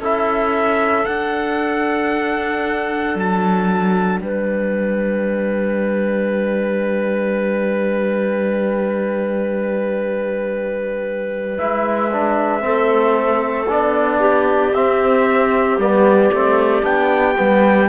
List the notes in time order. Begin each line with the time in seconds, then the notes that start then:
0.00 C#4 E4 A4 E5
1.06 D4 F#5
3.15 F#3 A5
4.20 G3 B4 G5
11.58 G#3 E4 E5
12.12 D4
12.61 A3 C4 A4
13.68 B3 D4 D5
14.20 G4
14.74 C4 E5
15.78 G3 B3 D5
16.34 A3 C4
16.82 B3 D4 G5
17.37 G3 B3